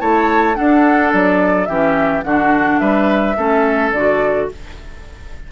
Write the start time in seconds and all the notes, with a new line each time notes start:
0.00 A3 E4 C#5 A5
0.55 D4 A4 F#5
1.13 F#3 D5
1.66 E3 C#4 G4 E5
2.23 D3 D4 F#4 F#5
2.79 G3 B4 E5
3.37 A3 C#4 A4
3.93 D3 F#4 D5